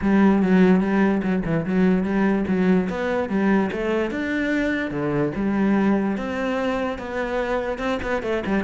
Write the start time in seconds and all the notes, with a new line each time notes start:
0.01 G3
0.42 F#3
0.80 G3
1.22 F#3
1.45 E3
1.66 F#3
2.03 G3
2.47 F#3
2.89 B3
3.29 G3
3.72 A3
4.11 D4
4.91 D3
5.35 G3
6.17 C4
6.98 B3
7.78 C4
8.02 B3
8.22 A3
8.45 G3